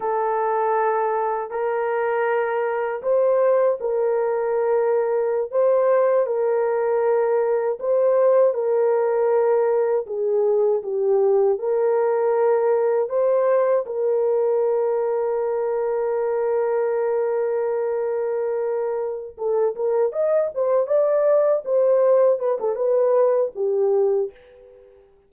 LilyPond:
\new Staff \with { instrumentName = "horn" } { \time 4/4 \tempo 4 = 79 a'2 ais'2 | c''4 ais'2~ ais'16 c''8.~ | c''16 ais'2 c''4 ais'8.~ | ais'4~ ais'16 gis'4 g'4 ais'8.~ |
ais'4~ ais'16 c''4 ais'4.~ ais'16~ | ais'1~ | ais'4. a'8 ais'8 dis''8 c''8 d''8~ | d''8 c''4 b'16 a'16 b'4 g'4 | }